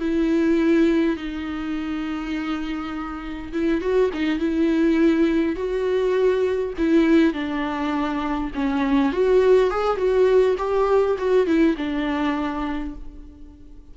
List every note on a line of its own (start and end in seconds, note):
0.00 1.17 E4
1.17 3.52 D#4
3.53 3.81 E4
3.81 4.11 F#4
4.14 4.39 D#4
4.39 5.56 E4
5.56 6.74 F#4
6.78 7.34 E4
7.34 8.51 D4
8.55 9.13 C#4
9.13 9.71 F#4
9.71 9.97 G#4
9.97 10.56 F#4
10.58 11.17 G4
11.19 11.47 F#4
11.47 11.76 E4
11.77 12.95 D4